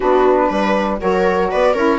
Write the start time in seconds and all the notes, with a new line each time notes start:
0.00 B3 D4 F#4 B4
0.48 G3 B4
0.99 F#3 F#4 A#4 C#5
1.50 B3 B4 D5
1.74 C#4 E4 A#4 C#5